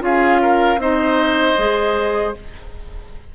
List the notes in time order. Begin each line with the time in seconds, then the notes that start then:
0.00 C#4 F4 G#4 F5
0.41 A#4
0.77 C4 D#4 C5 D#5
1.57 G#3 G#4